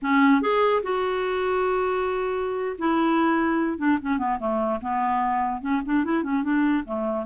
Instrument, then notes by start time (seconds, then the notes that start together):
clarinet
0.02 C#4
0.41 G#4
0.82 F#4
2.78 E4
3.78 D4
4.01 C#4
4.18 B3
4.39 A3
4.81 B3
5.61 C#4
5.85 D4
6.04 E4
6.23 C#4
6.43 D4
6.85 A3